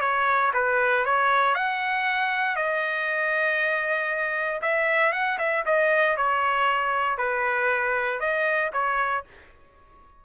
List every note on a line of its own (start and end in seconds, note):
0.00 0.51 C#5
0.53 1.05 B4
1.05 1.55 C#5
1.55 2.56 F#5
2.56 4.61 D#5
4.62 5.12 E5
5.12 5.38 F#5
5.38 5.64 E5
5.65 6.16 D#5
6.16 7.17 C#5
7.17 8.20 B4
8.20 8.71 D#5
8.73 9.24 C#5